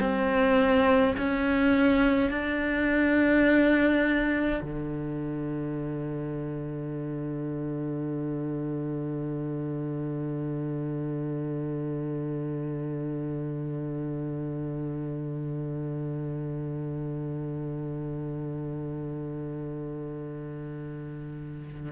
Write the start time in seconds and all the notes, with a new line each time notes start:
0.00 C4
1.17 C#4
2.30 D4
4.62 D3